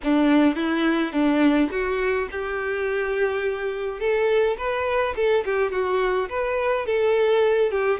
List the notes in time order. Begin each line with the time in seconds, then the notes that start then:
0.03 D4
0.55 E4
1.12 D4
1.71 F#4
2.31 G4
3.99 A4
4.57 B4
5.16 A4
5.45 G4
5.71 F#4
6.29 B4
6.85 A4
7.71 G4